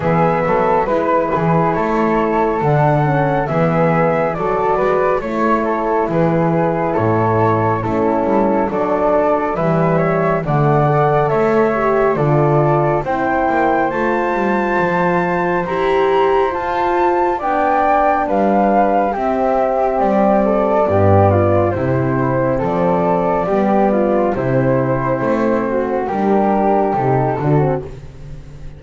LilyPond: <<
  \new Staff \with { instrumentName = "flute" } { \time 4/4 \tempo 4 = 69 e''4 b'4 cis''4 fis''4 | e''4 d''4 cis''4 b'4 | cis''4 a'4 d''4 e''4 | fis''4 e''4 d''4 g''4 |
a''2 ais''4 a''4 | g''4 f''4 e''4 d''4~ | d''4 c''4 d''2 | c''2 ais'4 a'4 | }
  \new Staff \with { instrumentName = "flute" } { \time 4/4 gis'8 a'8 b'8 gis'8 a'2 | gis'4 a'8 b'8 cis''8 a'8 gis'4 | a'4 e'4 a'4 b'8 cis''8 | d''4 cis''4 a'4 c''4~ |
c''1 | d''4 b'4 g'4. a'8 | g'8 f'8 e'4 a'4 g'8 f'8 | e'4. fis'8 g'4. fis'8 | }
  \new Staff \with { instrumentName = "horn" } { \time 4/4 b4 e'2 d'8 cis'8 | b4 fis'4 e'2~ | e'4 cis'4 d'4 g4 | a8 a'4 g'8 f'4 e'4 |
f'2 g'4 f'4 | d'2 c'2 | b4 c'2 b4 | c'2 d'4 dis'8 d'16 c'16 | }
  \new Staff \with { instrumentName = "double bass" } { \time 4/4 e8 fis8 gis8 e8 a4 d4 | e4 fis8 gis8 a4 e4 | a,4 a8 g8 fis4 e4 | d4 a4 d4 c'8 ais8 |
a8 g8 f4 e'4 f'4 | b4 g4 c'4 g4 | g,4 c4 f4 g4 | c4 a4 g4 c8 d8 | }
>>